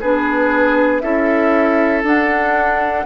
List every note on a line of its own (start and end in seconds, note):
0.00 1.02 B3
0.00 1.02 D4
0.00 1.02 G#4
0.00 1.00 B4
1.00 2.03 C#4
1.00 2.03 E4
1.00 3.05 A4
1.00 2.02 E5
2.03 3.05 D4
2.03 3.05 F#5